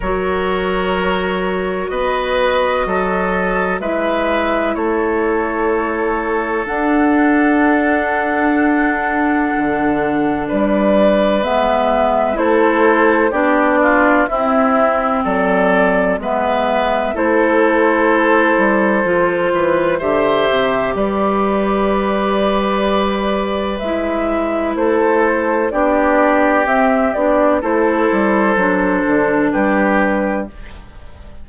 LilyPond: <<
  \new Staff \with { instrumentName = "flute" } { \time 4/4 \tempo 4 = 63 cis''2 dis''2 | e''4 cis''2 fis''4~ | fis''2. d''4 | e''4 c''4 d''4 e''4 |
d''4 e''4 c''2~ | c''4 e''4 d''2~ | d''4 e''4 c''4 d''4 | e''8 d''8 c''2 b'4 | }
  \new Staff \with { instrumentName = "oboe" } { \time 4/4 ais'2 b'4 a'4 | b'4 a'2.~ | a'2. b'4~ | b'4 a'4 g'8 f'8 e'4 |
a'4 b'4 a'2~ | a'8 b'8 c''4 b'2~ | b'2 a'4 g'4~ | g'4 a'2 g'4 | }
  \new Staff \with { instrumentName = "clarinet" } { \time 4/4 fis'1 | e'2. d'4~ | d'1 | b4 e'4 d'4 c'4~ |
c'4 b4 e'2 | f'4 g'2.~ | g'4 e'2 d'4 | c'8 d'8 e'4 d'2 | }
  \new Staff \with { instrumentName = "bassoon" } { \time 4/4 fis2 b4 fis4 | gis4 a2 d'4~ | d'2 d4 g4 | gis4 a4 b4 c'4 |
fis4 gis4 a4. g8 | f8 e8 d8 c8 g2~ | g4 gis4 a4 b4 | c'8 b8 a8 g8 fis8 d8 g4 | }
>>